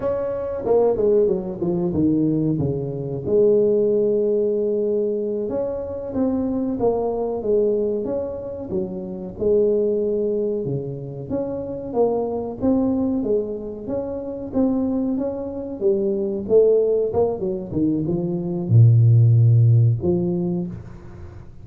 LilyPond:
\new Staff \with { instrumentName = "tuba" } { \time 4/4 \tempo 4 = 93 cis'4 ais8 gis8 fis8 f8 dis4 | cis4 gis2.~ | gis8 cis'4 c'4 ais4 gis8~ | gis8 cis'4 fis4 gis4.~ |
gis8 cis4 cis'4 ais4 c'8~ | c'8 gis4 cis'4 c'4 cis'8~ | cis'8 g4 a4 ais8 fis8 dis8 | f4 ais,2 f4 | }